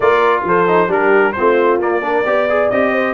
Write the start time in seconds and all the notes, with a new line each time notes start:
0.00 A#3 F4 A#4 D5
0.44 F3 A4 C5
0.67 D#4
0.88 G3 D4 G4 A#4
1.32 C4 F4 C5
1.39 A3
1.79 A#3 D5
2.01 D4 A#4
2.25 B3 G4 D5
2.49 G#4
2.69 C4 G4 D#5
2.92 C5